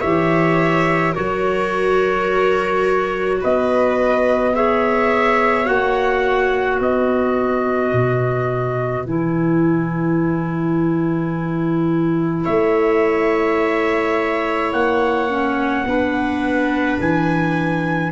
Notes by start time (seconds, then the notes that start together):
0.00 E3 G4 C#5 E5
1.13 F#3 F#4 A#4 C#5
3.41 B3 B4 D#5
4.55 G#4 C#5 E5
5.66 A#3 F#4 F#5
6.80 B3 B4 D#5
7.93 B2
9.06 E3 E4 G#5
12.45 A3 C#5 E5
14.73 A#3 F#5
15.30 C#4
15.85 B3 D4 B4
17.00 E3 G#5